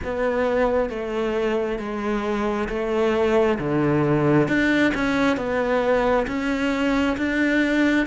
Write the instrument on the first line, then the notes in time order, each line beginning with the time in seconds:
cello
0.04 B3
0.90 A3
1.78 G#3
2.69 A3
3.58 D3
4.48 D4
4.94 C#4
5.36 B3
6.27 C#4
7.16 D4